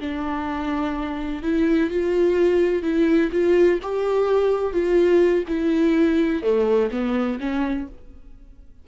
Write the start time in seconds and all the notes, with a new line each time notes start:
0.00 D4
1.43 E4
1.90 F4
2.83 E4
3.32 F4
3.82 G4
4.73 F4
5.48 E4
6.43 A3
6.91 B3
7.40 C#4